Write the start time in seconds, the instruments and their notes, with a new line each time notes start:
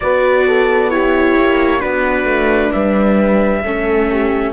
0.00 cello B3, viola F#4, horn B4, trumpet D5
0.47 horn A4
0.90 viola E4, horn G4, trumpet C#5
1.38 cello A#3
1.80 cello B3, viola D4, horn F#4, trumpet B4
2.24 cello A3
2.71 cello G3, horn B4, trumpet E5
3.63 cello A3, viola C#4, horn A4
4.11 horn G4